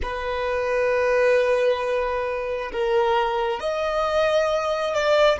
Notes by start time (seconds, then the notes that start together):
0.02 B4
2.72 A#4
3.59 D#5
4.93 D5